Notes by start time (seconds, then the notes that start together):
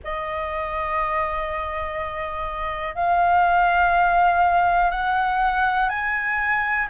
0.04 D#5
2.95 F5
4.90 F#5
5.89 G#5